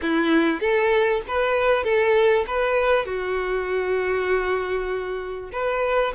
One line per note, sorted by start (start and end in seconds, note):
0.01 0.60 E4
0.60 1.21 A4
1.27 1.83 B4
1.83 2.45 A4
2.47 3.05 B4
3.05 5.50 F#4
5.52 6.13 B4